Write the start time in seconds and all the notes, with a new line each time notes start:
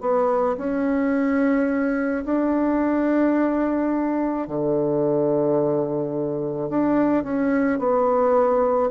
0.00 B3
0.57 C#4
2.25 D4
4.47 D3
6.69 D4
7.23 C#4
7.78 B3